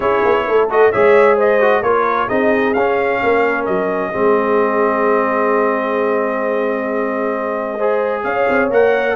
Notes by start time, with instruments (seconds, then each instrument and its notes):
0.00 tuba C#4, trombone E4, horn G#4, trumpet C#5
0.24 tuba B3
0.47 tuba A3, horn A4
0.70 trombone F#4, trumpet D#5
0.91 tuba G#3, trombone G#4, horn C#5, trumpet E5
1.36 horn C5, trumpet D#5
1.60 trombone F#4
1.82 tuba A#3, trombone F4, horn A#4, trumpet C#5
2.27 tuba C4, trombone D#4, horn G#4, trumpet D#5
2.73 tuba C#4, trombone C#4, trumpet F5
3.22 tuba A#3, horn A#4
3.65 tuba F#3, trumpet D#5
4.10 tuba G#3, trombone C4, horn G#4
7.77 trombone G#4, horn C5
8.23 tuba C#4, horn C#5, trumpet F5
8.48 tuba C4
8.70 tuba A#3, trombone A#4, trumpet F#5